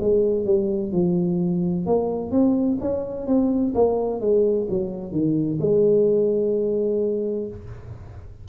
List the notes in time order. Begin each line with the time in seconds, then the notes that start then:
0.00 G#3
0.45 G3
0.92 F3
1.86 A#3
2.31 C4
2.80 C#4
3.26 C4
3.75 A#3
4.20 G#3
4.70 F#3
5.11 D#3
5.60 G#3